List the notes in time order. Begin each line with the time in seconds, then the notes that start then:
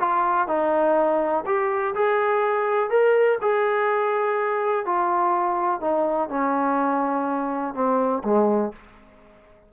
0.00 F4
0.48 D#4
1.46 G4
1.95 G#4
2.90 A#4
3.42 G#4
4.86 F4
5.81 D#4
6.30 C#4
7.75 C4
8.24 G#3